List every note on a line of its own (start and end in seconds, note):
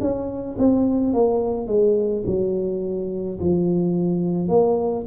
0.00 0.57 C#4
0.58 1.13 C4
1.13 1.67 A#3
1.67 2.24 G#3
2.26 3.39 F#3
3.40 4.48 F3
4.48 5.05 A#3